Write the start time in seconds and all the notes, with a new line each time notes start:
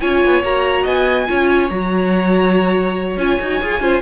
0.00 C#4 F4 C#5 G#5
0.25 B3
0.42 A#3 F#4 A#5
0.83 B3 D#5 G#5
1.27 C#4 F4 C#5
1.69 F#3 F#4 A#5
3.17 C#4 F4 G#5
3.40 D#4 F#4
3.61 F4 G#4
3.80 C#4 F4 C5